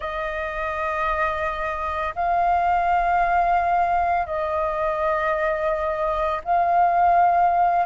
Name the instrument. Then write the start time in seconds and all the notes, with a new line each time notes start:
flute
0.00 D#5
2.15 F5
4.26 D#5
6.44 F5